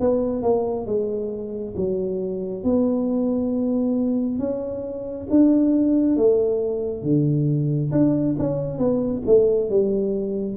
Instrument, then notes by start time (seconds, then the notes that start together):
tuba
0.00 B3
0.43 A#3
0.86 G#3
1.76 F#3
2.64 B3
4.39 C#4
5.30 D4
6.16 A3
7.03 D3
7.92 D4
8.39 C#4
8.78 B3
9.26 A3
9.70 G3